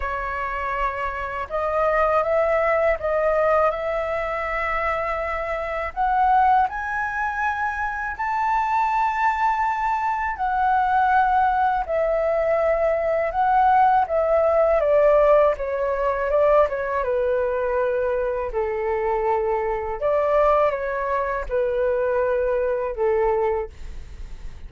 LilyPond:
\new Staff \with { instrumentName = "flute" } { \time 4/4 \tempo 4 = 81 cis''2 dis''4 e''4 | dis''4 e''2. | fis''4 gis''2 a''4~ | a''2 fis''2 |
e''2 fis''4 e''4 | d''4 cis''4 d''8 cis''8 b'4~ | b'4 a'2 d''4 | cis''4 b'2 a'4 | }